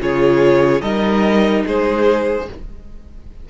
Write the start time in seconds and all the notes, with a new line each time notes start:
0.00 C#3 F4 G#4 C#5
0.81 G3 D#4 A#4 D#5
1.66 G#3 G#4 C5